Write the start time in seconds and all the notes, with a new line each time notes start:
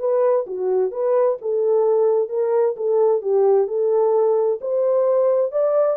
0.00 B4
0.47 F#4
0.92 B4
1.42 A4
2.30 A#4
2.77 A4
3.22 G4
3.68 A4
4.61 C5
5.52 D5